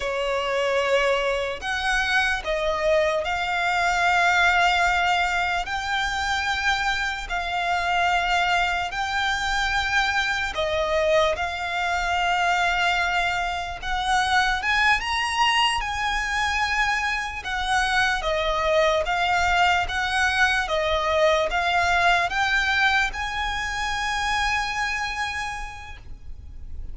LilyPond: \new Staff \with { instrumentName = "violin" } { \time 4/4 \tempo 4 = 74 cis''2 fis''4 dis''4 | f''2. g''4~ | g''4 f''2 g''4~ | g''4 dis''4 f''2~ |
f''4 fis''4 gis''8 ais''4 gis''8~ | gis''4. fis''4 dis''4 f''8~ | f''8 fis''4 dis''4 f''4 g''8~ | g''8 gis''2.~ gis''8 | }